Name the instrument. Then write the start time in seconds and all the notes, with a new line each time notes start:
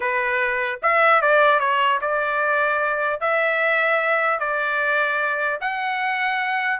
trumpet
0.00 B4
0.82 E5
1.21 D5
1.59 C#5
2.01 D5
3.20 E5
4.39 D5
5.60 F#5